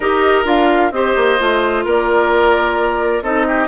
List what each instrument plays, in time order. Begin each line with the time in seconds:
0.00 bassoon D#4, clarinet G4, oboe A#4, flute D#5
0.44 bassoon D4, clarinet F4, flute F5
0.91 bassoon C4, clarinet G4, oboe C5, flute D#5
1.16 bassoon A#3
1.38 bassoon A3, clarinet F4
1.85 bassoon A#3, oboe A#4, flute D5
3.22 bassoon C4, clarinet D#4, oboe A4, flute D#5
3.47 oboe G4